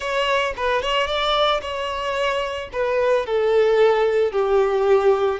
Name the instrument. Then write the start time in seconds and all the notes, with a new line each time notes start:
violin
0.00 C#5
0.56 B4
0.82 C#5
1.07 D5
1.61 C#5
2.72 B4
3.26 A4
4.31 G4